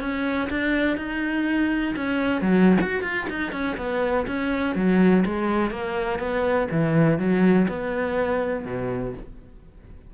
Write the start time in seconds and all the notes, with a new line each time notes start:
0.00 C#4
0.50 D4
0.97 D#4
1.96 C#4
2.41 F#3
2.81 F#4
3.03 F4
3.29 D#4
3.52 C#4
3.77 B3
4.27 C#4
4.75 F#3
5.25 G#3
5.70 A#3
6.19 B3
6.71 E3
7.18 F#3
7.68 B3
8.65 B2